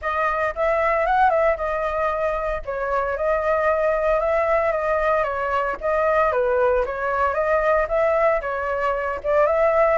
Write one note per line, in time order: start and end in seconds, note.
0.01 0.54 D#5
0.55 1.06 E5
1.06 1.29 F#5
1.29 1.56 E5
1.56 2.61 D#5
2.65 3.16 C#5
3.16 4.19 D#5
4.19 4.72 E5
4.72 5.23 D#5
5.23 5.76 C#5
5.80 6.32 D#5
6.32 6.84 B4
6.85 7.33 C#5
7.33 7.86 D#5
7.88 8.40 E5
8.41 9.20 C#5
9.23 9.46 D5
9.46 9.97 E5